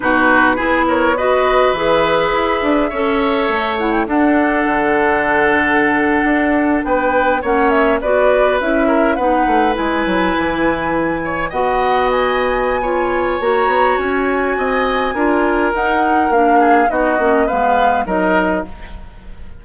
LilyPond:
<<
  \new Staff \with { instrumentName = "flute" } { \time 4/4 \tempo 4 = 103 b'4. cis''8 dis''4 e''4~ | e''2~ e''8 fis''16 g''16 fis''4~ | fis''2.~ fis''8. g''16~ | g''8. fis''8 e''8 d''4 e''4 fis''16~ |
fis''8. gis''2. fis''16~ | fis''8. gis''2~ gis''16 ais''4 | gis''2. fis''4 | f''4 dis''4 f''4 dis''4 | }
  \new Staff \with { instrumentName = "oboe" } { \time 4/4 fis'4 gis'8 ais'8 b'2~ | b'4 cis''2 a'4~ | a'2.~ a'8. b'16~ | b'8. cis''4 b'4. ais'8 b'16~ |
b'2.~ b'16 cis''8 dis''16~ | dis''2 cis''2~ | cis''4 dis''4 ais'2~ | ais'8 gis'8 fis'4 b'4 ais'4 | }
  \new Staff \with { instrumentName = "clarinet" } { \time 4/4 dis'4 e'4 fis'4 gis'4~ | gis'4 a'4. e'8 d'4~ | d'1~ | d'8. cis'4 fis'4 e'4 dis'16~ |
dis'8. e'2. fis'16~ | fis'2 f'4 fis'4~ | fis'2 f'4 dis'4 | d'4 dis'8 cis'8 b4 dis'4 | }
  \new Staff \with { instrumentName = "bassoon" } { \time 4/4 b,4 b2 e4 | e'8 d'8 cis'4 a4 d'4 | d2~ d8. d'4 b16~ | b8. ais4 b4 cis'4 b16~ |
b16 a8 gis8 fis8 e2 b16~ | b2. ais8 b8 | cis'4 c'4 d'4 dis'4 | ais4 b8 ais8 gis4 fis4 | }
>>